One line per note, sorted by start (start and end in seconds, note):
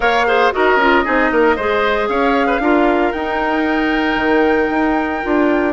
0.00 0.51 A#3
0.00 0.25 A#4
0.00 0.26 C#5
0.00 0.52 F5
0.26 0.51 G#4
0.26 0.53 C5
0.51 0.76 D#4
0.51 0.77 F#4
0.51 1.05 A#4
0.51 2.08 D#5
0.76 1.02 C#4
0.76 1.04 F4
1.04 1.31 C4
1.04 1.56 D#4
1.04 1.31 G#4
1.31 1.57 A#3
1.31 1.56 A#4
1.56 2.08 G#3
1.56 2.61 G#4
1.56 2.08 C5
2.08 2.59 C#4
2.08 2.47 C#5
2.08 3.12 F5
2.47 2.60 B4
2.59 3.11 D4
2.59 3.13 F4
2.59 5.73 A#4
3.12 4.16 D#4
3.12 5.22 D#4
3.12 5.73 G5
4.16 4.68 D#3
4.69 5.21 D#4
5.22 5.73 D4
5.22 5.73 F4